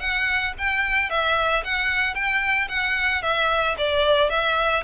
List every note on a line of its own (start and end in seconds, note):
0.00 0.54 F#5
0.58 1.10 G5
1.10 1.63 E5
1.64 2.15 F#5
2.15 2.68 G5
2.69 3.22 F#5
3.22 3.76 E5
3.78 4.30 D5
4.30 4.84 E5